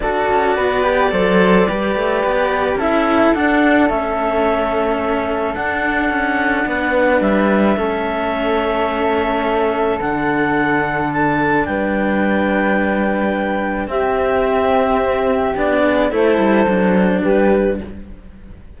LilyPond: <<
  \new Staff \with { instrumentName = "clarinet" } { \time 4/4 \tempo 4 = 108 d''1~ | d''4 e''4 fis''4 e''4~ | e''2 fis''2~ | fis''4 e''2.~ |
e''2 fis''2 | a''4 g''2.~ | g''4 e''2. | d''4 c''2 b'4 | }
  \new Staff \with { instrumentName = "flute" } { \time 4/4 a'4 b'4 c''4 b'4~ | b'4 a'2.~ | a'1 | b'2 a'2~ |
a'1~ | a'4 b'2.~ | b'4 g'2.~ | g'8 gis'8 a'2 g'4 | }
  \new Staff \with { instrumentName = "cello" } { \time 4/4 fis'4. g'8 a'4 g'4~ | g'4 e'4 d'4 cis'4~ | cis'2 d'2~ | d'2 cis'2~ |
cis'2 d'2~ | d'1~ | d'4 c'2. | d'4 e'4 d'2 | }
  \new Staff \with { instrumentName = "cello" } { \time 4/4 d'8 cis'8 b4 fis4 g8 a8 | b4 cis'4 d'4 a4~ | a2 d'4 cis'4 | b4 g4 a2~ |
a2 d2~ | d4 g2.~ | g4 c'2. | b4 a8 g8 fis4 g4 | }
>>